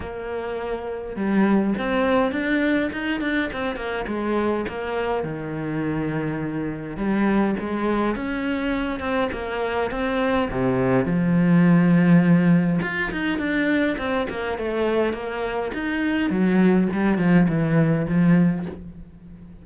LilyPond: \new Staff \with { instrumentName = "cello" } { \time 4/4 \tempo 4 = 103 ais2 g4 c'4 | d'4 dis'8 d'8 c'8 ais8 gis4 | ais4 dis2. | g4 gis4 cis'4. c'8 |
ais4 c'4 c4 f4~ | f2 f'8 dis'8 d'4 | c'8 ais8 a4 ais4 dis'4 | fis4 g8 f8 e4 f4 | }